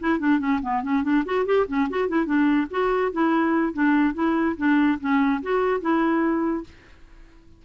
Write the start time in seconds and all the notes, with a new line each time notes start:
0.00 E4
0.19 D4
0.39 C#4
0.62 B3
0.83 C#4
1.03 D4
1.25 F#4
1.46 G4
1.68 C#4
1.90 F#4
2.09 E4
2.26 D4
2.71 F#4
3.12 E4
3.73 D4
4.14 E4
4.58 D4
5.00 C#4
5.42 F#4
5.81 E4